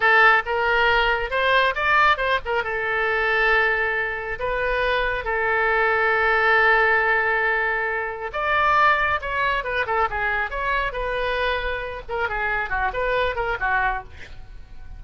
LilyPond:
\new Staff \with { instrumentName = "oboe" } { \time 4/4 \tempo 4 = 137 a'4 ais'2 c''4 | d''4 c''8 ais'8 a'2~ | a'2 b'2 | a'1~ |
a'2. d''4~ | d''4 cis''4 b'8 a'8 gis'4 | cis''4 b'2~ b'8 ais'8 | gis'4 fis'8 b'4 ais'8 fis'4 | }